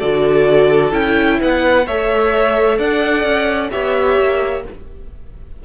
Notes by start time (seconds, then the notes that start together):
0.00 D3 F#4 A4 D5
0.92 C#4 E4 G5
1.41 B3 B4 F#5
1.87 A3 A4 C#5 E5
2.78 D4 D5 F#5
3.24 C#4
3.71 B3 G4 C#5 E5
4.19 A#3